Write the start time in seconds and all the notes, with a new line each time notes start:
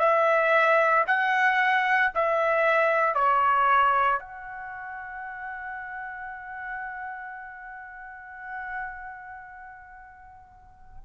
0.00 E5
1.08 F#5
2.15 E5
3.15 C#5
4.20 F#5